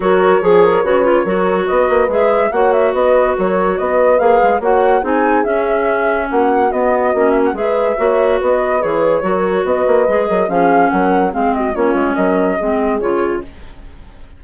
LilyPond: <<
  \new Staff \with { instrumentName = "flute" } { \time 4/4 \tempo 4 = 143 cis''1 | dis''4 e''4 fis''8 e''8 dis''4 | cis''4 dis''4 f''4 fis''4 | gis''4 e''2 fis''4 |
dis''4. e''16 fis''16 e''2 | dis''4 cis''2 dis''4~ | dis''4 f''4 fis''4 f''8 dis''8 | cis''4 dis''2 cis''4 | }
  \new Staff \with { instrumentName = "horn" } { \time 4/4 ais'4 gis'8 ais'8 b'4 ais'4 | b'2 cis''4 b'4 | ais'4 b'2 cis''4 | gis'2. fis'4~ |
fis'2 b'4 cis''4 | b'2 ais'4 b'4~ | b'8 ais'8 gis'4 ais'4 gis'8 fis'8 | f'4 ais'4 gis'2 | }
  \new Staff \with { instrumentName = "clarinet" } { \time 4/4 fis'4 gis'4 fis'8 f'8 fis'4~ | fis'4 gis'4 fis'2~ | fis'2 gis'4 fis'4 | dis'4 cis'2. |
b4 cis'4 gis'4 fis'4~ | fis'4 gis'4 fis'2 | gis'4 cis'2 c'4 | cis'2 c'4 f'4 | }
  \new Staff \with { instrumentName = "bassoon" } { \time 4/4 fis4 f4 cis4 fis4 | b8 ais8 gis4 ais4 b4 | fis4 b4 ais8 gis8 ais4 | c'4 cis'2 ais4 |
b4 ais4 gis4 ais4 | b4 e4 fis4 b8 ais8 | gis8 fis8 f4 fis4 gis4 | ais8 gis8 fis4 gis4 cis4 | }
>>